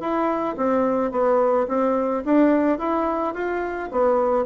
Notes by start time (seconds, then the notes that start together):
0.00 E4
0.57 C4
1.11 B3
1.68 C4
2.25 D4
2.79 E4
3.35 F4
3.91 B3